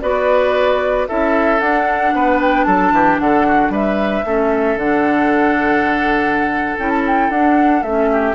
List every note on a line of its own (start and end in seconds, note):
0.00 1.07 B3
0.00 1.08 F#4
0.00 1.08 B4
0.00 1.06 D5
1.07 1.60 C#4
1.07 1.59 E4
1.07 2.14 A4
1.07 1.59 E5
1.59 4.24 D4
1.59 2.13 D4
1.59 2.39 F#5
2.13 2.66 B3
2.13 2.66 B4
2.41 2.63 G5
2.63 2.91 F#3
2.63 2.92 A4
2.63 3.17 A5
2.91 3.18 E3
2.91 3.20 G4
3.19 3.69 D3
3.19 3.46 A4
3.19 3.72 F#5
3.46 3.71 F#4
3.69 4.22 G3
3.69 4.24 B4
3.69 4.78 E5
4.24 4.76 A3
4.24 4.79 C#4
4.24 8.11 A4
4.76 6.75 D3
4.76 6.79 D4
4.76 6.77 F#5
6.78 7.29 C#4
6.78 7.32 E4
6.78 6.89 G5
6.89 7.02 A5
7.06 7.30 G5
7.29 7.82 D4
7.29 7.85 D4
7.29 7.82 F#5
7.82 8.34 A3
7.82 8.34 C#4
7.82 8.34 E5
8.11 8.34 G4